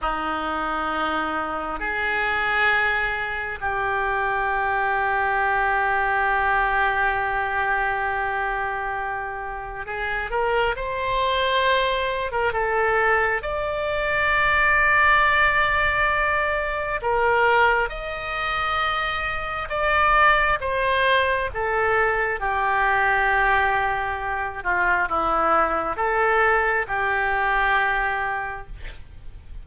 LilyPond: \new Staff \with { instrumentName = "oboe" } { \time 4/4 \tempo 4 = 67 dis'2 gis'2 | g'1~ | g'2. gis'8 ais'8 | c''4.~ c''16 ais'16 a'4 d''4~ |
d''2. ais'4 | dis''2 d''4 c''4 | a'4 g'2~ g'8 f'8 | e'4 a'4 g'2 | }